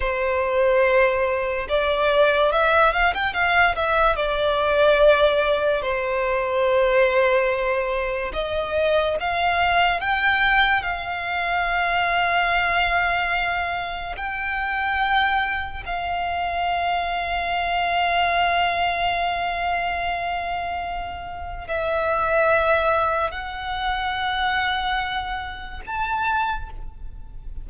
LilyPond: \new Staff \with { instrumentName = "violin" } { \time 4/4 \tempo 4 = 72 c''2 d''4 e''8 f''16 g''16 | f''8 e''8 d''2 c''4~ | c''2 dis''4 f''4 | g''4 f''2.~ |
f''4 g''2 f''4~ | f''1~ | f''2 e''2 | fis''2. a''4 | }